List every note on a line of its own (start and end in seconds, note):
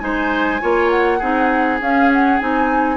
0.00 0.61 G#3
0.00 0.60 D#4
0.00 0.62 C5
0.00 0.89 G#5
0.61 1.22 A#3
0.61 1.21 F4
0.61 1.19 C#5
0.90 1.79 F#5
1.19 1.81 C4
1.19 1.81 D#4
1.19 2.97 G#4
1.81 2.40 C#4
1.81 2.12 F5
2.13 2.40 F#5
2.40 2.98 C4
2.40 2.98 D#4
2.40 2.98 G#5